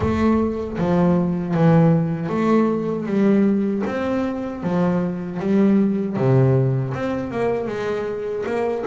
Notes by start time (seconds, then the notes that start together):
0.00 A3
0.77 F3
1.54 E3
2.29 A3
3.06 G3
3.86 C4
4.63 F3
5.39 G3
6.16 C3
6.93 C4
7.31 A#3
7.67 G#3
8.46 A#3